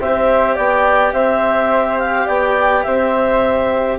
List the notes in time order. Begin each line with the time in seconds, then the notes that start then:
0.00 C4 G4 C5 E5
0.55 B3 D5 G5
1.12 C4 C5 E5
1.98 F5
2.26 B3 D5 G5
2.83 C4 C5 E5